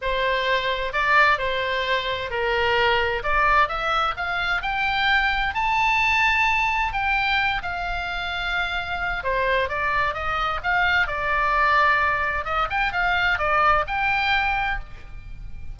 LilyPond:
\new Staff \with { instrumentName = "oboe" } { \time 4/4 \tempo 4 = 130 c''2 d''4 c''4~ | c''4 ais'2 d''4 | e''4 f''4 g''2 | a''2. g''4~ |
g''8 f''2.~ f''8 | c''4 d''4 dis''4 f''4 | d''2. dis''8 g''8 | f''4 d''4 g''2 | }